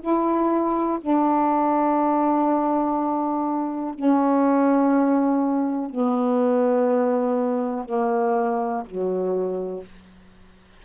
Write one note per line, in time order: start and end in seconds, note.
0.00 0.98 E4
1.01 3.94 D4
3.94 5.90 C#4
5.90 7.85 B3
7.85 8.83 A#3
8.85 9.84 F#3